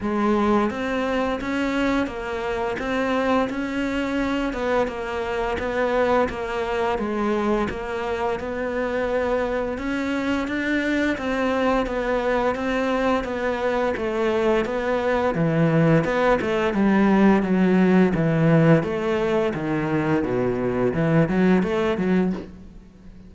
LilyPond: \new Staff \with { instrumentName = "cello" } { \time 4/4 \tempo 4 = 86 gis4 c'4 cis'4 ais4 | c'4 cis'4. b8 ais4 | b4 ais4 gis4 ais4 | b2 cis'4 d'4 |
c'4 b4 c'4 b4 | a4 b4 e4 b8 a8 | g4 fis4 e4 a4 | dis4 b,4 e8 fis8 a8 fis8 | }